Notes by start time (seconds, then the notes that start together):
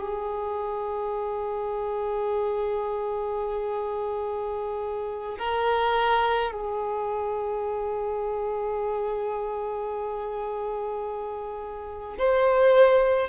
0.00 G#4
5.39 A#4
6.51 G#4
12.19 C5